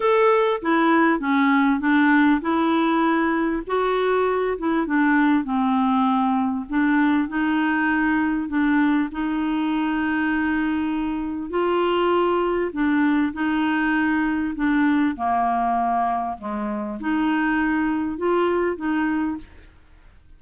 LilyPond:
\new Staff \with { instrumentName = "clarinet" } { \time 4/4 \tempo 4 = 99 a'4 e'4 cis'4 d'4 | e'2 fis'4. e'8 | d'4 c'2 d'4 | dis'2 d'4 dis'4~ |
dis'2. f'4~ | f'4 d'4 dis'2 | d'4 ais2 gis4 | dis'2 f'4 dis'4 | }